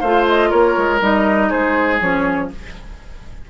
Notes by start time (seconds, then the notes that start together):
0.00 A3 F4 C5 F5
0.28 D#5
0.49 A#3 A#4 C#5
0.77 G#3
1.00 G3 D#4 D#5
1.49 G#3 G#4 C5
2.00 F3 C#4 C#5